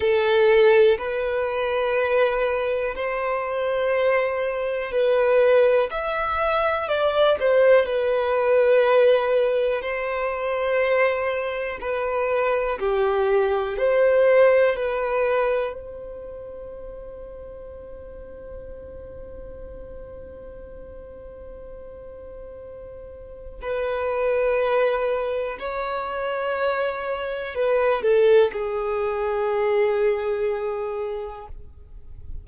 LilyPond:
\new Staff \with { instrumentName = "violin" } { \time 4/4 \tempo 4 = 61 a'4 b'2 c''4~ | c''4 b'4 e''4 d''8 c''8 | b'2 c''2 | b'4 g'4 c''4 b'4 |
c''1~ | c''1 | b'2 cis''2 | b'8 a'8 gis'2. | }